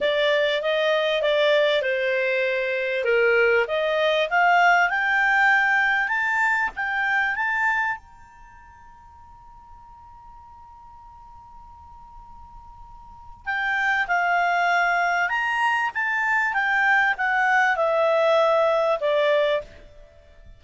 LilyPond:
\new Staff \with { instrumentName = "clarinet" } { \time 4/4 \tempo 4 = 98 d''4 dis''4 d''4 c''4~ | c''4 ais'4 dis''4 f''4 | g''2 a''4 g''4 | a''4 ais''2.~ |
ais''1~ | ais''2 g''4 f''4~ | f''4 ais''4 a''4 g''4 | fis''4 e''2 d''4 | }